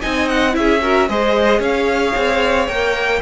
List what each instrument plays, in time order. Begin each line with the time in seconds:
0.00 cello C4, viola D#4, violin D#5 G#5
0.28 violin F#5
0.52 cello C#4, viola E4, violin E5
0.58 violin G#4
0.82 viola F#4, violin A#4
1.08 cello G#3, viola G#4, violin C5 D#5
1.59 cello C#4, violin C#5 F5
2.16 cello C4
2.68 cello A#3, viola A#4, violin G5